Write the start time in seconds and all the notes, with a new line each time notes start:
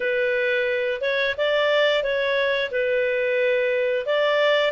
0.00 B4
1.01 C#5
1.37 D5
2.03 C#5
2.71 B4
4.06 D5